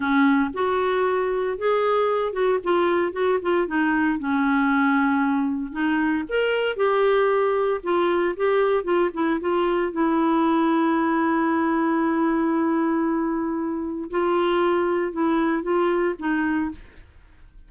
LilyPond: \new Staff \with { instrumentName = "clarinet" } { \time 4/4 \tempo 4 = 115 cis'4 fis'2 gis'4~ | gis'8 fis'8 f'4 fis'8 f'8 dis'4 | cis'2. dis'4 | ais'4 g'2 f'4 |
g'4 f'8 e'8 f'4 e'4~ | e'1~ | e'2. f'4~ | f'4 e'4 f'4 dis'4 | }